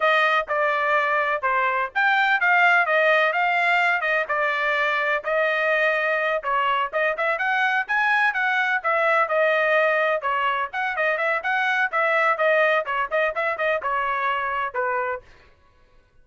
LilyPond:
\new Staff \with { instrumentName = "trumpet" } { \time 4/4 \tempo 4 = 126 dis''4 d''2 c''4 | g''4 f''4 dis''4 f''4~ | f''8 dis''8 d''2 dis''4~ | dis''4. cis''4 dis''8 e''8 fis''8~ |
fis''8 gis''4 fis''4 e''4 dis''8~ | dis''4. cis''4 fis''8 dis''8 e''8 | fis''4 e''4 dis''4 cis''8 dis''8 | e''8 dis''8 cis''2 b'4 | }